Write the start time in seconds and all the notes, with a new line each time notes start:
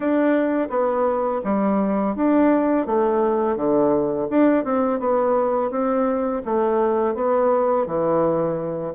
0.00 D4
0.69 B3
1.44 G3
2.15 D4
2.86 A3
3.56 D3
4.30 D4
4.64 C4
4.99 B3
5.70 C4
6.44 A3
7.14 B3
7.86 E3